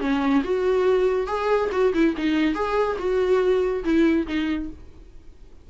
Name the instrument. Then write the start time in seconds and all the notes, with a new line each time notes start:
viola
0.00 C#4
0.44 F#4
1.27 G#4
1.72 F#4
1.94 E4
2.17 D#4
2.54 G#4
2.99 F#4
3.84 E4
4.27 D#4